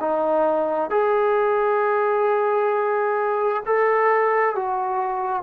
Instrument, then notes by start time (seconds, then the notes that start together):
trombone
0.00 D#4
0.90 G#4
3.66 A4
4.55 F#4